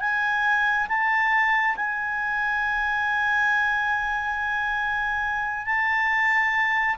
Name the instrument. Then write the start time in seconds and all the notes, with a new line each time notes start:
clarinet
0.00 G#5
0.89 A5
1.76 G#5
5.66 A5